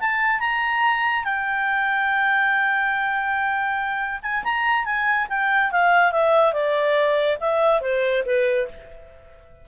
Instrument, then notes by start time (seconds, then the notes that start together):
clarinet
0.00 A5
0.40 A#5
1.24 G5
4.23 G#5
4.44 A#5
4.85 G#5
5.30 G5
5.72 F5
6.12 E5
6.53 D5
7.40 E5
7.81 C5
8.26 B4